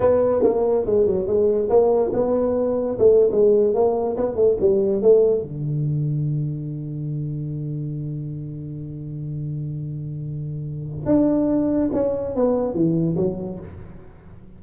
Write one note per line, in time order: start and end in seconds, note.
0.00 0.43 B3
0.43 0.85 A#3
0.85 1.06 G#3
1.06 1.26 F#3
1.26 1.69 G#3
1.69 2.12 A#3
2.13 2.98 B3
2.98 3.30 A3
3.31 3.74 G#3
3.74 4.16 A#3
4.16 4.35 B3
4.35 4.56 A3
4.60 5.02 G3
5.02 5.42 A3
5.42 11.05 D3
11.05 11.91 D4
11.92 12.35 C#4
12.35 12.73 B3
12.73 13.16 E3
13.16 13.59 F#3